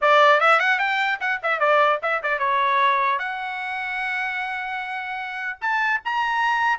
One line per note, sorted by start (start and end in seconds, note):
0.01 0.40 D5
0.40 0.59 E5
0.59 0.78 F#5
0.78 1.18 G5
1.20 1.40 F#5
1.42 1.59 E5
1.59 1.99 D5
2.02 2.22 E5
2.23 2.38 D5
2.38 3.18 C#5
3.19 5.59 F#5
5.61 6.01 A5
6.04 6.78 A#5